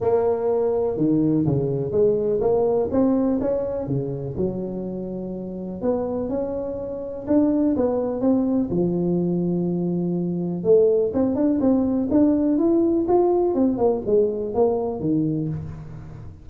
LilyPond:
\new Staff \with { instrumentName = "tuba" } { \time 4/4 \tempo 4 = 124 ais2 dis4 cis4 | gis4 ais4 c'4 cis'4 | cis4 fis2. | b4 cis'2 d'4 |
b4 c'4 f2~ | f2 a4 c'8 d'8 | c'4 d'4 e'4 f'4 | c'8 ais8 gis4 ais4 dis4 | }